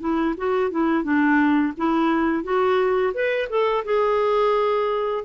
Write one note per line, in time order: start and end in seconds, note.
0.00 0.35 E4
0.37 0.71 F#4
0.71 1.03 E4
1.03 1.73 D4
1.77 2.43 E4
2.43 3.13 F#4
3.14 3.49 B4
3.49 3.84 A4
3.85 5.24 G#4